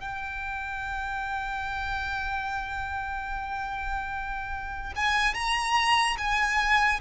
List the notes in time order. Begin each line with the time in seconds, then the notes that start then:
0.00 G5
4.96 G#5
5.34 A#5
6.18 G#5